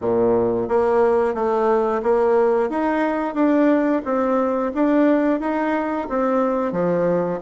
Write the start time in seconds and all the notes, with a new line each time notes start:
0.01 A#2
0.68 A#3
1.34 A3
2.02 A#3
2.69 D#4
3.34 D4
4.04 C4
4.74 D4
5.40 D#4
6.09 C4
6.72 F3